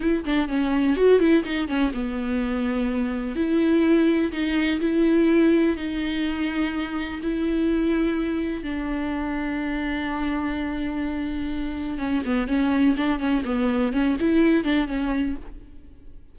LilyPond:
\new Staff \with { instrumentName = "viola" } { \time 4/4 \tempo 4 = 125 e'8 d'8 cis'4 fis'8 e'8 dis'8 cis'8 | b2. e'4~ | e'4 dis'4 e'2 | dis'2. e'4~ |
e'2 d'2~ | d'1~ | d'4 cis'8 b8 cis'4 d'8 cis'8 | b4 cis'8 e'4 d'8 cis'4 | }